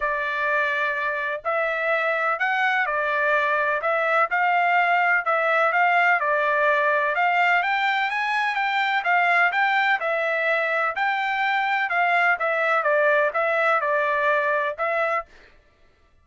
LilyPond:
\new Staff \with { instrumentName = "trumpet" } { \time 4/4 \tempo 4 = 126 d''2. e''4~ | e''4 fis''4 d''2 | e''4 f''2 e''4 | f''4 d''2 f''4 |
g''4 gis''4 g''4 f''4 | g''4 e''2 g''4~ | g''4 f''4 e''4 d''4 | e''4 d''2 e''4 | }